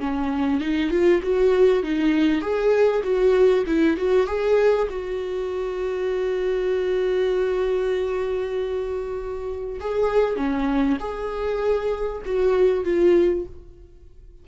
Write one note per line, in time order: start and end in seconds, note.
0.00 0.61 C#4
0.61 0.91 D#4
0.91 1.21 F4
1.23 1.83 F#4
1.83 2.42 D#4
2.42 3.03 G#4
3.03 3.65 F#4
3.67 3.97 E4
3.97 4.27 F#4
4.27 4.88 G#4
4.90 9.80 F#4
9.81 10.37 G#4
10.37 10.98 C#4
11.00 12.23 G#4
12.26 12.85 F#4
12.85 13.46 F4